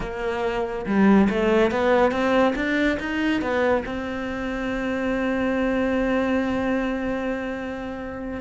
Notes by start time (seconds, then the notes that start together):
0.00 A#3
0.85 G3
1.29 A3
1.71 B3
2.11 C4
2.55 D4
2.99 D#4
3.41 B3
3.85 C4